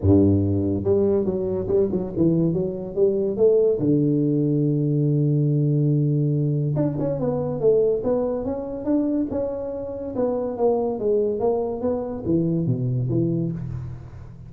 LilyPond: \new Staff \with { instrumentName = "tuba" } { \time 4/4 \tempo 4 = 142 g,2 g4 fis4 | g8 fis8 e4 fis4 g4 | a4 d2.~ | d1 |
d'8 cis'8 b4 a4 b4 | cis'4 d'4 cis'2 | b4 ais4 gis4 ais4 | b4 e4 b,4 e4 | }